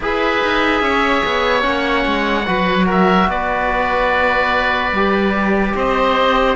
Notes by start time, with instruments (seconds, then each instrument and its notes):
0.00 cello E4, trombone G#4, oboe B4 E5
0.41 cello D#4
0.81 cello C#4, oboe C#5
1.25 cello B3
1.62 cello A#3, trombone C#4, oboe F#5
2.05 cello G#3
2.46 cello F#3, trombone F#4, oboe B4
2.86 oboe A#4 E5
3.27 cello B3, oboe B4 D5
4.91 cello G3, trombone G4
5.74 cello C4, oboe C5 D#5